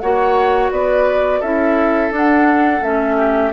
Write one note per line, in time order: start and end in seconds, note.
0.00 0.71 A#3
0.00 1.44 F#4
0.00 0.72 C#5
0.00 0.71 F#5
0.71 1.42 B3
0.71 1.40 B4
0.71 1.42 D5
1.40 2.11 C#4
1.40 2.12 E4
1.40 3.17 A4
1.40 2.12 E5
2.11 2.82 D4
2.11 2.83 F#5
2.82 3.53 A3
2.82 3.53 C#4
2.82 3.53 E5
3.17 3.52 G4